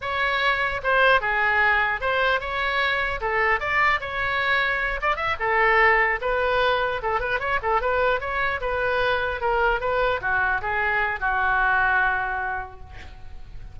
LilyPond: \new Staff \with { instrumentName = "oboe" } { \time 4/4 \tempo 4 = 150 cis''2 c''4 gis'4~ | gis'4 c''4 cis''2 | a'4 d''4 cis''2~ | cis''8 d''8 e''8 a'2 b'8~ |
b'4. a'8 b'8 cis''8 a'8 b'8~ | b'8 cis''4 b'2 ais'8~ | ais'8 b'4 fis'4 gis'4. | fis'1 | }